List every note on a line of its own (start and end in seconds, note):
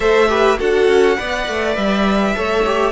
0.00 0.59 A3
0.00 0.28 A4
0.00 0.28 C5
0.00 0.59 E5
0.28 0.57 G4
0.28 0.58 B4
0.58 0.88 D4
0.58 1.17 F#4
0.58 1.17 A4
0.58 1.75 F#5
0.88 1.17 C#4
1.17 1.47 B3
1.17 2.34 B4
1.17 2.35 D5
1.47 1.76 A3
1.75 2.35 G3
1.75 2.92 E5
2.35 2.92 A3
2.35 2.64 A4
2.35 2.92 C#5
2.65 2.92 G4